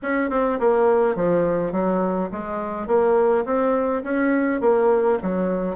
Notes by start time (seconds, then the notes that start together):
0.02 C#4
0.30 C4
0.59 A#3
1.15 F3
1.72 F#3
2.31 G#3
2.87 A#3
3.45 C4
4.03 C#4
4.60 A#3
5.22 F#3